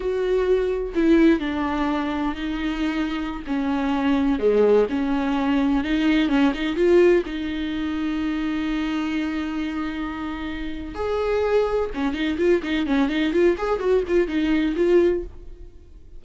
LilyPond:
\new Staff \with { instrumentName = "viola" } { \time 4/4 \tempo 4 = 126 fis'2 e'4 d'4~ | d'4 dis'2~ dis'16 cis'8.~ | cis'4~ cis'16 gis4 cis'4.~ cis'16~ | cis'16 dis'4 cis'8 dis'8 f'4 dis'8.~ |
dis'1~ | dis'2. gis'4~ | gis'4 cis'8 dis'8 f'8 dis'8 cis'8 dis'8 | f'8 gis'8 fis'8 f'8 dis'4 f'4 | }